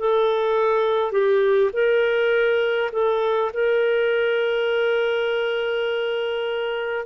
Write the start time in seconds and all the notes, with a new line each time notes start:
0.00 A4
1.12 G4
1.74 A#4
2.93 A4
3.54 A#4